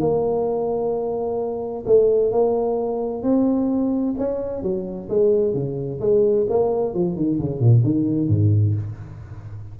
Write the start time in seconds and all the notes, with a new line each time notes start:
0.00 A#3
1.86 A3
2.32 A#3
3.23 C4
4.18 C#4
4.62 F#3
5.09 G#3
5.54 C#3
6.00 G#3
6.49 A#3
6.94 F3
7.16 D#3
7.39 C#3
7.60 A#2
7.84 D#3
8.28 G#2